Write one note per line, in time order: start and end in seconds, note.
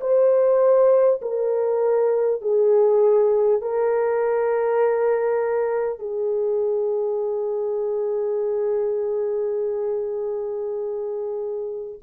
0.00 1.20 C5
1.22 2.41 A#4
2.41 3.61 G#4
3.61 5.99 A#4
5.99 11.99 G#4